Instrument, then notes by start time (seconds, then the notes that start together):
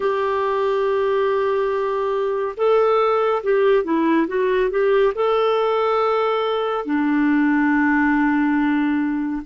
clarinet
0.00 G4
2.56 A4
3.43 G4
3.84 E4
4.27 F#4
4.70 G4
5.14 A4
6.85 D4